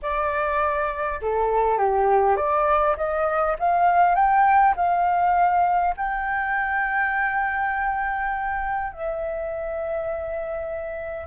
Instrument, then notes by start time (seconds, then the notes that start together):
flute
0.02 D5
1.21 A4
1.78 G4
2.36 D5
2.96 D#5
3.59 F5
4.14 G5
4.76 F5
5.96 G5
8.92 E5